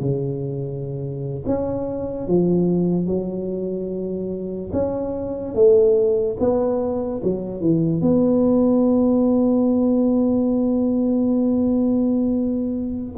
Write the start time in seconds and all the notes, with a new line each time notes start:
0.00 C#3
1.46 C#4
2.27 F3
3.06 F#3
4.72 C#4
5.54 A3
6.39 B3
7.23 F#3
7.60 E3
8.01 B3